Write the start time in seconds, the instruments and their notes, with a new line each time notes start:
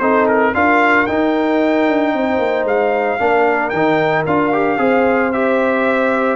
0.00 tuba C4, trombone D#4, horn A4, trumpet C5
0.28 trumpet A#4
0.54 tuba D4, trombone F4, horn A#4, trumpet F5
1.07 trombone D#4, tuba D#4, trumpet G5
1.88 tuba D4
2.14 tuba C4, horn C5
2.39 tuba A#3
2.65 tuba G#3, trumpet F5
3.19 tuba A#3, trombone D4, horn A#4
3.70 tuba D#3, trombone D#4, trumpet G5
4.27 tuba D4, trombone F4, trumpet F5
4.53 trombone G4
4.78 tuba C4, trombone G#4, horn C5
5.33 trombone G4, trumpet E5